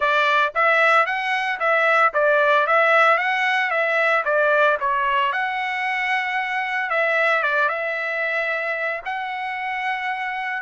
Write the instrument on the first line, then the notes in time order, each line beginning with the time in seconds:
trumpet
0.00 D5
0.54 E5
1.06 F#5
1.59 E5
2.13 D5
2.66 E5
3.17 F#5
3.70 E5
4.24 D5
4.80 C#5
5.32 F#5
6.90 E5
7.42 D5
7.68 E5
9.05 F#5